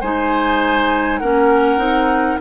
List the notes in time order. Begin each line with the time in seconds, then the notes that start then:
0.00 G#3 D#4 C5 G#5
1.18 A#3 C#4 A#4 F#5
1.77 C4 D#4